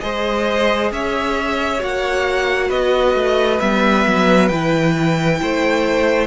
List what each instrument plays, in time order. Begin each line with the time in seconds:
0.00 cello G#3, viola G#4, violin C5 D#5
0.91 cello C#4, violin C#5 E5
1.79 cello A#3, viola F#4, violin F#5
2.68 cello B3, violin B4 D#5
3.14 cello A3
3.59 cello G3, viola B3, violin E5
4.06 cello F#3
4.48 cello E3, viola E4, violin G5
5.41 cello A3, violin C5